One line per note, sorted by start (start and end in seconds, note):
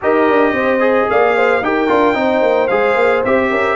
0.01 0.29 D#4
0.01 0.80 G4
0.01 0.53 A#4
0.01 1.09 D#5
0.29 0.52 D4
0.52 1.06 C4
0.52 1.07 C5
0.80 1.61 G#4
1.09 1.61 A#3
1.09 1.36 D5
1.09 1.64 F5
1.36 1.63 C5
1.61 1.89 D#4
1.61 1.87 G4
1.61 2.17 A#4
1.61 2.67 G5
1.87 2.14 D4
1.87 2.14 F4
2.14 2.41 C4
2.14 2.68 D#4
2.14 3.51 C5
2.41 2.68 A#3
2.67 2.95 G#3
2.67 3.24 G#4
2.67 3.21 F5
2.95 3.22 A#3
3.24 3.51 C4
3.24 3.76 G4
3.24 3.76 E5
3.51 3.76 C#4
3.51 3.76 A#4